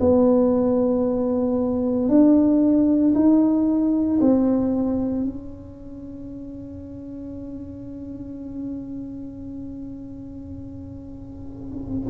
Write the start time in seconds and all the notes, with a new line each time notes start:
0.00 B3
2.09 D4
3.14 D#4
4.21 C4
5.24 C#4